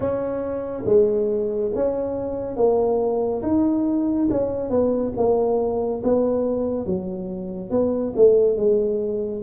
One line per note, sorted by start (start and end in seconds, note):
0.00 0.84 C#4
0.85 1.71 G#3
1.74 2.56 C#4
2.56 3.42 A#3
3.42 4.28 D#4
4.30 4.69 C#4
4.69 5.12 B3
5.17 6.02 A#3
6.03 6.86 B3
6.86 7.70 F#3
7.70 8.13 B3
8.16 8.56 A3
8.56 9.42 G#3